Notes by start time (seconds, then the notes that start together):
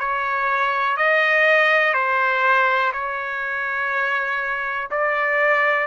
0.00 C#5
0.97 D#5
1.94 C5
2.93 C#5
4.91 D5